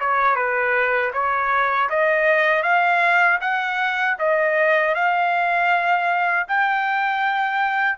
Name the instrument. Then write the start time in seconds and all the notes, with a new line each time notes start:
trumpet
0.00 C#5
0.36 B4
1.14 C#5
1.90 D#5
2.63 F5
3.41 F#5
4.19 D#5
4.95 F5
6.48 G5